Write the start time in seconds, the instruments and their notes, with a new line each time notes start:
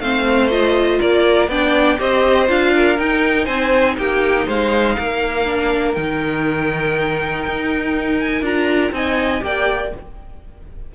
0.00 cello A3, viola C4, violin C5 F5
0.50 viola F4, violin D#5
0.99 cello A#3, violin A#4 D5
1.48 cello B3, viola D4, violin D5 G5
1.98 cello C4, viola G4, violin C5 D#5
2.48 cello D4, viola F4, violin F5
2.75 violin A#4
2.98 viola D#4, cello D#4, violin G5
3.45 cello C4, violin C5 G#5
3.97 cello A#3, violin G4 G5
4.46 cello G#3, violin C5 F5
4.98 cello A#3, violin A#4
5.46 viola D4
5.94 cello D#3, viola D#4, violin G5
7.46 cello D#4
8.20 violin G#5
8.42 cello D4, viola F4, violin A#5
8.92 cello C4, viola D#4, violin D#5 G#5
9.40 cello A#3, viola G4, violin D5 G5